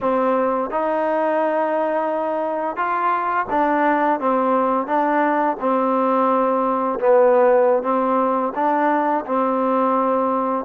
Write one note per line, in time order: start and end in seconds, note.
0.00 0.70 C4
0.70 2.76 D#4
2.76 3.46 F4
3.50 4.20 D4
4.20 4.86 C4
4.86 5.56 D4
5.59 6.99 C4
6.99 7.83 B3
7.83 8.52 C4
8.55 9.24 D4
9.25 10.65 C4